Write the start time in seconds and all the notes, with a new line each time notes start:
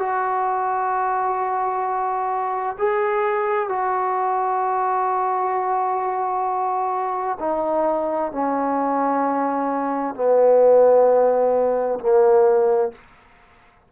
0.00 F#4
2.79 G#4
3.69 F#4
7.40 D#4
8.32 C#4
10.15 B3
12.00 A#3